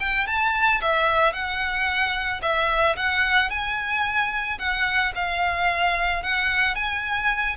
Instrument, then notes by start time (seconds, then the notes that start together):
violin
0.00 G5
0.27 A5
0.81 E5
1.33 F#5
2.42 E5
2.96 F#5
3.50 G#5
4.59 F#5
5.15 F5
6.23 F#5
6.75 G#5